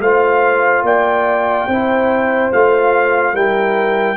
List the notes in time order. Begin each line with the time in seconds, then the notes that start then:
0.00 A3 F4 C5 F5
0.83 A#3 D5 G5
1.68 C4 E4 C5
2.52 A3 F4 F5
3.34 G3 E4 A#4 G5